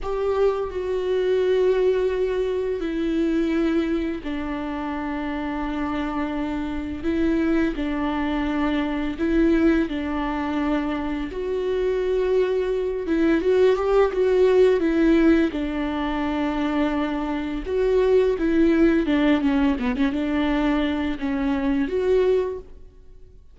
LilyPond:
\new Staff \with { instrumentName = "viola" } { \time 4/4 \tempo 4 = 85 g'4 fis'2. | e'2 d'2~ | d'2 e'4 d'4~ | d'4 e'4 d'2 |
fis'2~ fis'8 e'8 fis'8 g'8 | fis'4 e'4 d'2~ | d'4 fis'4 e'4 d'8 cis'8 | b16 cis'16 d'4. cis'4 fis'4 | }